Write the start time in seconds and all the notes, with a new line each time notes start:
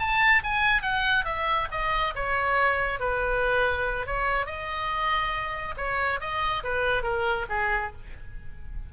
0.00 A5
0.44 G#5
0.83 F#5
1.25 E5
1.72 D#5
2.16 C#5
3.00 B4
4.07 C#5
4.46 D#5
5.78 C#5
6.21 D#5
6.64 B4
7.03 A#4
7.50 G#4